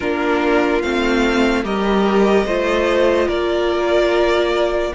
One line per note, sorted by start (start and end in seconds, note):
0.00 0.83 A#3
0.00 0.83 D4
0.00 1.62 F4
0.00 0.82 A#4
0.82 1.64 A3
0.82 1.63 C4
0.82 1.64 F5
1.63 2.45 G3
1.63 2.45 G4
1.63 2.45 A#4
1.63 3.29 D#5
2.45 3.27 A3
2.45 4.94 F4
2.45 3.28 C5
3.28 4.92 A#3
3.28 4.92 A#4
3.28 4.93 D5